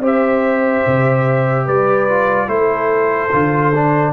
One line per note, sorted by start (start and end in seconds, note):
0.00 0.82 C4
0.00 2.08 G4
0.00 1.66 C5
0.06 1.67 E5
0.86 1.67 C3
1.66 2.47 G3
1.66 2.48 B4
1.66 2.49 D5
2.08 2.47 F4
2.47 3.30 A3
2.47 3.30 E4
2.47 4.12 A4
2.47 4.12 C5
3.32 4.12 D3
3.32 3.73 F4
3.75 4.12 D4